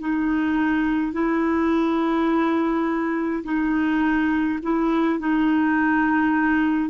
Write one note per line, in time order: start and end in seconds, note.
0.00 1.13 D#4
1.13 3.44 E4
3.44 4.59 D#4
4.63 5.20 E4
5.20 6.90 D#4